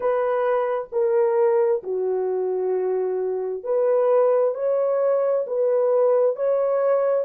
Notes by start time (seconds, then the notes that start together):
0.00 B4
0.92 A#4
1.83 F#4
3.63 B4
4.54 C#5
5.47 B4
6.36 C#5